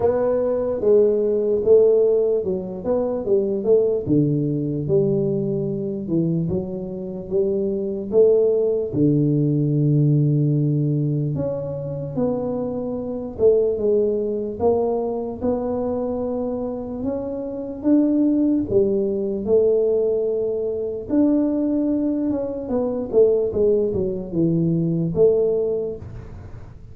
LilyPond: \new Staff \with { instrumentName = "tuba" } { \time 4/4 \tempo 4 = 74 b4 gis4 a4 fis8 b8 | g8 a8 d4 g4. e8 | fis4 g4 a4 d4~ | d2 cis'4 b4~ |
b8 a8 gis4 ais4 b4~ | b4 cis'4 d'4 g4 | a2 d'4. cis'8 | b8 a8 gis8 fis8 e4 a4 | }